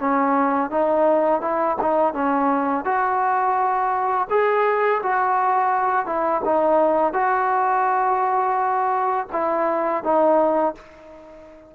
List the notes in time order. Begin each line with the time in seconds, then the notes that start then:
0.00 C#4
0.70 D#4
1.41 E4
1.81 D#4
2.14 C#4
2.84 F#4
4.30 G#4
5.03 F#4
6.06 E4
6.45 D#4
7.13 F#4
9.32 E4
10.04 D#4